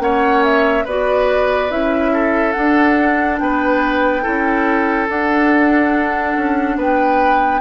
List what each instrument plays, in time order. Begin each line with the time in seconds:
0.00 bassoon A#3, clarinet C#4, oboe C#5, flute F#5
0.44 flute E5
0.85 bassoon B3, clarinet F#4, oboe B4, flute D5
1.70 bassoon C#4, clarinet E4, flute E5
2.14 oboe A4
2.53 clarinet D4, bassoon D4, flute F#5
3.39 bassoon B3, oboe B4, flute G5
4.23 bassoon C#4, clarinet E4, oboe A4
5.09 bassoon D4, clarinet D4, flute F#5
6.37 bassoon C#4
6.77 bassoon B3, oboe B4, flute G5